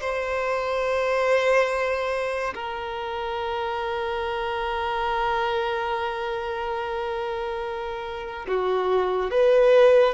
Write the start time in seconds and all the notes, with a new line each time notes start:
0.00 C5
2.54 A#4
8.47 F#4
9.30 B4